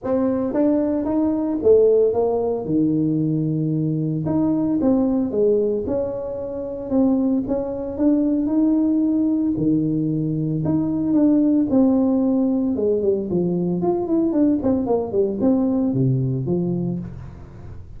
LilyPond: \new Staff \with { instrumentName = "tuba" } { \time 4/4 \tempo 4 = 113 c'4 d'4 dis'4 a4 | ais4 dis2. | dis'4 c'4 gis4 cis'4~ | cis'4 c'4 cis'4 d'4 |
dis'2 dis2 | dis'4 d'4 c'2 | gis8 g8 f4 f'8 e'8 d'8 c'8 | ais8 g8 c'4 c4 f4 | }